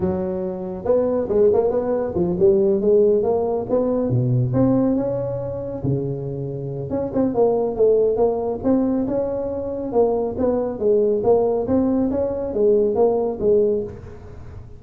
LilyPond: \new Staff \with { instrumentName = "tuba" } { \time 4/4 \tempo 4 = 139 fis2 b4 gis8 ais8 | b4 f8 g4 gis4 ais8~ | ais8 b4 b,4 c'4 cis'8~ | cis'4. cis2~ cis8 |
cis'8 c'8 ais4 a4 ais4 | c'4 cis'2 ais4 | b4 gis4 ais4 c'4 | cis'4 gis4 ais4 gis4 | }